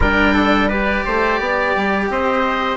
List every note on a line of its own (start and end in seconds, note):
0.00 1.02 G3
0.00 0.70 D4
0.00 0.33 A#4
0.00 0.69 G5
0.33 0.68 A4
0.68 2.76 G4
0.68 1.03 B4
0.68 2.09 D5
1.05 1.39 A3
1.05 1.39 C5
1.39 1.74 B3
1.39 2.08 D5
1.76 2.09 G3
2.09 2.76 C4
2.09 2.76 C5
2.09 2.76 D#5